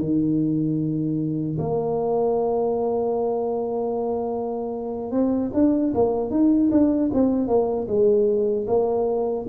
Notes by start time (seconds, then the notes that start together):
0.00 D#3
1.59 A#3
5.12 C4
5.54 D4
5.95 A#3
6.31 D#4
6.71 D4
7.14 C4
7.48 A#3
7.88 G#3
8.68 A#3